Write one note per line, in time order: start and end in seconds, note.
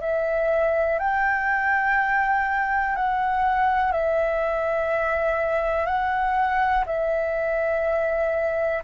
0.00 0.98 E5
0.98 2.95 G5
2.95 3.92 F#5
3.92 5.86 E5
5.86 6.84 F#5
6.86 8.83 E5